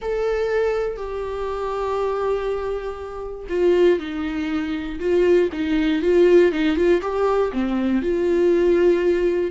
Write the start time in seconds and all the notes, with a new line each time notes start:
0.01 A4
0.96 G4
3.49 F4
3.99 D#4
4.99 F4
5.52 D#4
6.02 F4
6.52 D#4
6.76 F4
7.01 G4
7.52 C4
8.02 F4